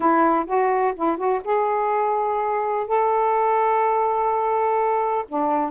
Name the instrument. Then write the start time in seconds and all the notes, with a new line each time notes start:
saxophone
0.00 E4
0.46 F#4
0.95 E4
1.17 F#4
1.44 G#4
2.87 A4
5.28 D4